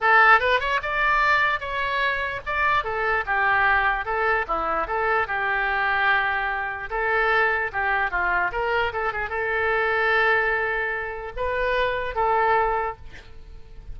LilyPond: \new Staff \with { instrumentName = "oboe" } { \time 4/4 \tempo 4 = 148 a'4 b'8 cis''8 d''2 | cis''2 d''4 a'4 | g'2 a'4 e'4 | a'4 g'2.~ |
g'4 a'2 g'4 | f'4 ais'4 a'8 gis'8 a'4~ | a'1 | b'2 a'2 | }